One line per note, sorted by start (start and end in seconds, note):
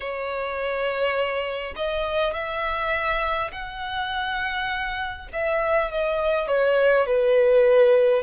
0.00 1.74 C#5
1.75 2.33 D#5
2.33 3.51 E5
3.52 5.28 F#5
5.33 5.91 E5
5.91 6.47 D#5
6.47 7.06 C#5
7.06 8.22 B4